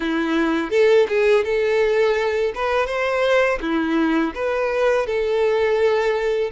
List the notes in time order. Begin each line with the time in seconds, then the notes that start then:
0.00 E4
0.70 A4
1.08 G#4
1.44 A4
2.54 B4
2.86 C5
3.61 E4
4.34 B4
5.06 A4